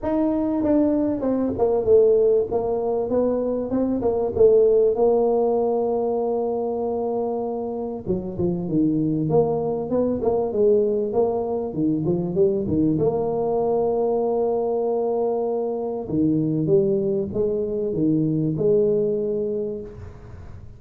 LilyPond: \new Staff \with { instrumentName = "tuba" } { \time 4/4 \tempo 4 = 97 dis'4 d'4 c'8 ais8 a4 | ais4 b4 c'8 ais8 a4 | ais1~ | ais4 fis8 f8 dis4 ais4 |
b8 ais8 gis4 ais4 dis8 f8 | g8 dis8 ais2.~ | ais2 dis4 g4 | gis4 dis4 gis2 | }